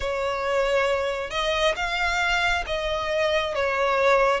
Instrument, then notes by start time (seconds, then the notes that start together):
violin
0.00 C#5
1.30 D#5
1.76 F5
2.66 D#5
3.54 C#5